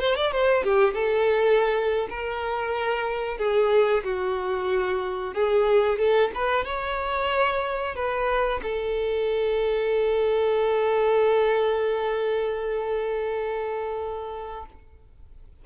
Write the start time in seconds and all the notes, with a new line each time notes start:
0.00 C5
0.16 D5
0.32 C5
0.63 G4
0.94 A4
2.10 A#4
3.38 G#4
4.04 F#4
5.34 G#4
5.99 A4
6.35 B4
6.65 C#5
7.96 B4
8.63 A4